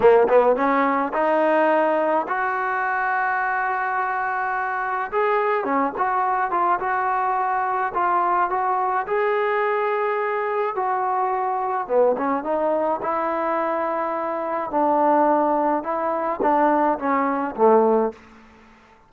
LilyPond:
\new Staff \with { instrumentName = "trombone" } { \time 4/4 \tempo 4 = 106 ais8 b8 cis'4 dis'2 | fis'1~ | fis'4 gis'4 cis'8 fis'4 f'8 | fis'2 f'4 fis'4 |
gis'2. fis'4~ | fis'4 b8 cis'8 dis'4 e'4~ | e'2 d'2 | e'4 d'4 cis'4 a4 | }